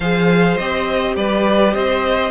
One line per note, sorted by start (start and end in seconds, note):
0.00 0.58 F3
0.00 0.59 G#4
0.00 1.15 C5
0.00 0.57 F5
0.57 1.16 C4
0.57 2.31 G4
0.57 1.14 D#5
1.16 1.74 G3
1.16 1.73 B4
1.16 1.73 D5
1.73 2.31 C4
1.73 2.31 C5
1.73 2.31 D#5